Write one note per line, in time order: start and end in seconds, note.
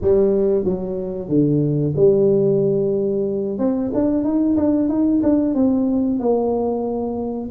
0.01 0.64 G3
0.64 1.28 F#3
1.28 1.94 D3
1.96 3.58 G3
3.58 3.91 C4
3.94 4.24 D4
4.24 4.56 D#4
4.56 4.89 D4
4.89 5.21 D#4
5.22 5.54 D4
5.54 6.19 C4
6.19 7.50 A#3